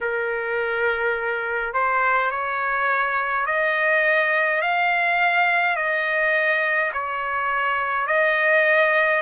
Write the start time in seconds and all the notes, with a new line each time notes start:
0.00 A#4
1.73 C5
2.31 C#5
3.46 D#5
4.62 F5
5.76 D#5
6.93 C#5
8.06 D#5